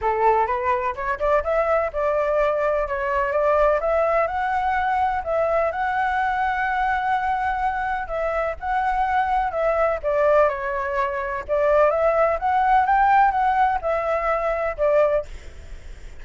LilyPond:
\new Staff \with { instrumentName = "flute" } { \time 4/4 \tempo 4 = 126 a'4 b'4 cis''8 d''8 e''4 | d''2 cis''4 d''4 | e''4 fis''2 e''4 | fis''1~ |
fis''4 e''4 fis''2 | e''4 d''4 cis''2 | d''4 e''4 fis''4 g''4 | fis''4 e''2 d''4 | }